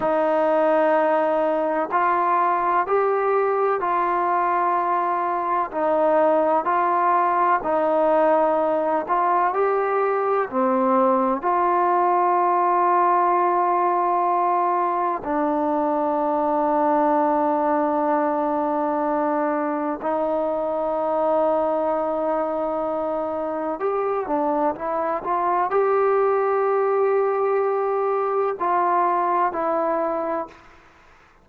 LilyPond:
\new Staff \with { instrumentName = "trombone" } { \time 4/4 \tempo 4 = 63 dis'2 f'4 g'4 | f'2 dis'4 f'4 | dis'4. f'8 g'4 c'4 | f'1 |
d'1~ | d'4 dis'2.~ | dis'4 g'8 d'8 e'8 f'8 g'4~ | g'2 f'4 e'4 | }